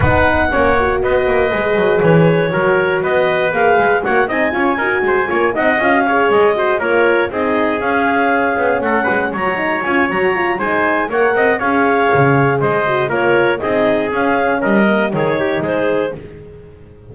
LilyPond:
<<
  \new Staff \with { instrumentName = "clarinet" } { \time 4/4 \tempo 4 = 119 fis''2 dis''2 | cis''2 dis''4 f''4 | fis''8 gis''2~ gis''8 fis''8 f''8~ | f''8 dis''4 cis''4 dis''4 f''8~ |
f''4. fis''4 ais''4 gis''8 | ais''4 gis''4 fis''4 f''4~ | f''4 dis''4 cis''4 dis''4 | f''4 dis''4 cis''4 c''4 | }
  \new Staff \with { instrumentName = "trumpet" } { \time 4/4 b'4 cis''4 b'2~ | b'4 ais'4 b'2 | cis''8 dis''8 cis''8 ais'8 c''8 cis''8 dis''4 | cis''4 c''8 ais'4 gis'4.~ |
gis'4. a'8 b'8 cis''4.~ | cis''4 c''4 cis''8 dis''8 cis''4~ | cis''4 c''4 ais'4 gis'4~ | gis'4 ais'4 gis'8 g'8 gis'4 | }
  \new Staff \with { instrumentName = "horn" } { \time 4/4 dis'4 cis'8 fis'4. gis'4~ | gis'4 fis'2 gis'4 | fis'8 dis'8 f'8 fis'4 f'8 dis'8 f'16 fis'16 | gis'4 fis'8 f'4 dis'4 cis'8~ |
cis'2~ cis'8. fis'16 dis'8 f'8 | fis'8 f'8 dis'4 ais'4 gis'4~ | gis'4. fis'8 f'4 dis'4 | cis'4. ais8 dis'2 | }
  \new Staff \with { instrumentName = "double bass" } { \time 4/4 b4 ais4 b8 ais8 gis8 fis8 | e4 fis4 b4 ais8 gis8 | ais8 c'8 cis'8 dis'8 gis8 ais8 c'8 cis'8~ | cis'8 gis4 ais4 c'4 cis'8~ |
cis'4 b8 a8 gis8 fis4 cis'8 | fis4 gis4 ais8 c'8 cis'4 | cis4 gis4 ais4 c'4 | cis'4 g4 dis4 gis4 | }
>>